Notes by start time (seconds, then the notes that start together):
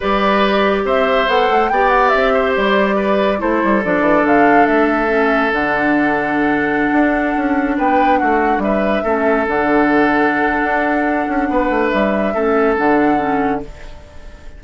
0.00 G3 G4 B4 D5
0.84 C4 C5 E5
1.27 B3 A4 F#5
1.50 A3
1.69 B3 G4 D5 G5
1.88 F#5
2.09 C4 E5
2.33 C5
2.56 G3 D5
2.95 B4
3.38 A3 E4 A4 C5
3.63 G3
3.83 F3 D4 D5
4.00 E3
4.24 D3 F5
4.66 A3 E5
5.08 C#4
5.52 D3 D4 F#5
6.92 D4
7.36 C#4
7.77 B3 B4 G5
8.18 A3 F#4 F#5
8.58 G3 B4 E5
9.03 A3 C#4 A4
9.46 D3 D4 F#5
10.63 D4
11.27 C#4
11.49 B3 B4
11.70 A3
11.88 G3 E5
12.34 A3 C#4 A4
12.76 D3 D4 F#5
13.17 C#4